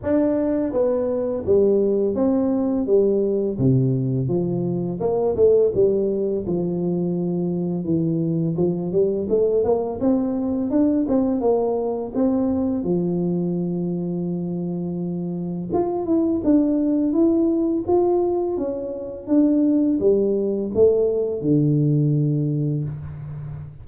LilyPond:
\new Staff \with { instrumentName = "tuba" } { \time 4/4 \tempo 4 = 84 d'4 b4 g4 c'4 | g4 c4 f4 ais8 a8 | g4 f2 e4 | f8 g8 a8 ais8 c'4 d'8 c'8 |
ais4 c'4 f2~ | f2 f'8 e'8 d'4 | e'4 f'4 cis'4 d'4 | g4 a4 d2 | }